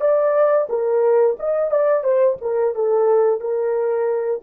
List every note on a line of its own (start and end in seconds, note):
0.00 0.67 D5
0.69 1.36 A#4
1.39 1.70 D#5
1.70 2.03 D5
2.03 2.37 C5
2.41 2.74 A#4
2.74 3.40 A4
3.40 4.41 A#4